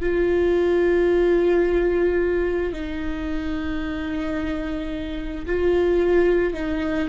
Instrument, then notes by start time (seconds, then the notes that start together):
viola
0.00 F4
2.73 D#4
5.45 F4
6.54 D#4